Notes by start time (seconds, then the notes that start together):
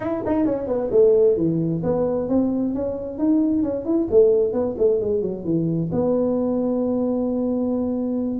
0.00 E4
0.26 D#4
0.45 C#4
0.67 B3
0.91 A3
1.36 E3
1.83 B3
2.29 C4
2.74 C#4
3.18 D#4
3.63 C#4
3.85 E4
4.10 A3
4.52 B3
4.77 A3
5.00 G#3
5.21 F#3
5.44 E3
5.92 B3